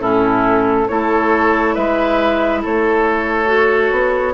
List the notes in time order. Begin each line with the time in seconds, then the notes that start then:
0.00 A2 C#4 E4 A4
0.88 A3 E4 A4 C#5
1.74 G#3 B4 E5
2.62 A3 A4 C#5
3.46 F#4
3.91 B3